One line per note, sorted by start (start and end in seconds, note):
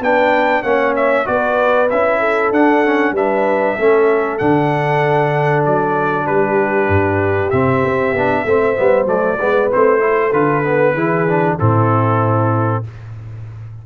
0.00 0.62 B3
0.00 0.64 D4
0.00 0.62 B4
0.00 0.63 G5
0.62 1.26 A#3
0.62 1.25 C#4
0.62 1.25 C#5
0.62 0.94 F#5
0.96 1.27 E5
1.25 1.91 B3
1.25 1.88 F#4
1.25 2.19 B4
1.25 1.89 D5
1.90 2.51 C#4
1.90 2.54 E4
1.90 2.52 E5
2.19 3.13 A4
2.51 3.11 D4
2.51 2.85 D4
2.51 3.15 F#5
2.85 3.16 C#4
3.11 3.74 G3
3.11 3.78 D4
3.11 3.76 B4
3.11 4.39 E5
3.76 4.40 A3
3.76 4.39 C#4
3.76 6.26 A4
4.39 5.66 D3
4.39 7.52 D4
4.39 5.64 F#5
5.65 6.26 F#3
5.65 6.27 D5
6.26 6.88 G3
6.26 8.46 G4
6.26 7.50 B4
6.88 7.51 G2
7.50 7.83 C3
7.50 8.15 C4
7.50 9.07 E5
7.84 8.13 C4
8.13 8.44 B3
8.13 8.47 D4
8.45 8.76 A3
8.45 8.76 C4
8.45 9.39 C5
8.76 9.06 G3
8.76 9.07 B3
9.06 9.37 F#3
9.06 9.38 A3
9.06 9.70 D5
9.39 9.72 G#3
9.39 9.71 B3
9.39 10.01 B4
9.71 10.33 A3
9.71 10.00 C4
9.71 10.33 C5
10.00 10.31 E4
10.00 10.95 A4
10.33 10.95 D3
10.33 10.64 F4
10.33 11.58 B4
10.64 10.95 B3
10.95 11.57 E3
10.95 11.28 E4
10.95 11.57 G#4
11.28 11.59 D4
11.59 12.86 A2
11.59 12.84 C4
11.59 12.84 E4
11.59 12.84 A4